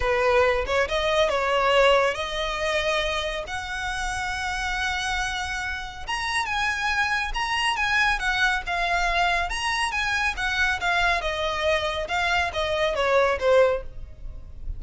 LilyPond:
\new Staff \with { instrumentName = "violin" } { \time 4/4 \tempo 4 = 139 b'4. cis''8 dis''4 cis''4~ | cis''4 dis''2. | fis''1~ | fis''2 ais''4 gis''4~ |
gis''4 ais''4 gis''4 fis''4 | f''2 ais''4 gis''4 | fis''4 f''4 dis''2 | f''4 dis''4 cis''4 c''4 | }